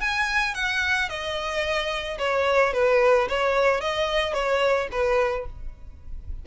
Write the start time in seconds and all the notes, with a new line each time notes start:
0.00 G#5
0.54 F#5
1.09 D#5
2.18 C#5
2.73 B4
3.29 C#5
3.80 D#5
4.33 C#5
4.91 B4